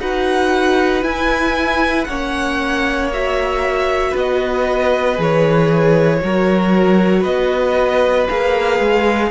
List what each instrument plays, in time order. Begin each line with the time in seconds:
0.00 cello D#4, viola F#4, violin B4 F#5
1.02 viola E4, cello E4, violin G#5
2.04 cello A#3, viola C#4, violin C#5 F#5
3.13 viola F#4, violin E5
4.11 cello B3, violin B4
4.18 violin D#5
5.16 cello E3, viola G#4, violin C#5
6.21 cello F#3, viola F#4, violin A#4
7.20 cello B3, violin B4 D#5
8.29 cello A#3, viola G#4, violin F5
8.80 cello G#3